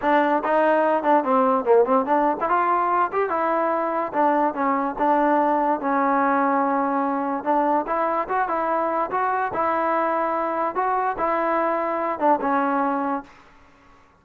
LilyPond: \new Staff \with { instrumentName = "trombone" } { \time 4/4 \tempo 4 = 145 d'4 dis'4. d'8 c'4 | ais8 c'8 d'8. e'16 f'4. g'8 | e'2 d'4 cis'4 | d'2 cis'2~ |
cis'2 d'4 e'4 | fis'8 e'4. fis'4 e'4~ | e'2 fis'4 e'4~ | e'4. d'8 cis'2 | }